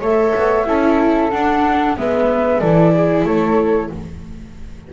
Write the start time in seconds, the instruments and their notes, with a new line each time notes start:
0.00 double bass A3, viola A4, flute C#5 E5
0.35 double bass B3
0.66 double bass C#4, viola E4, flute A4
1.30 viola D4, double bass D4, flute F#5
1.96 double bass G#3, viola B3, flute B4 E5
2.60 double bass E3, viola E4, flute A4 D5
2.94 flute G#4
3.24 double bass A3, flute A4 C#5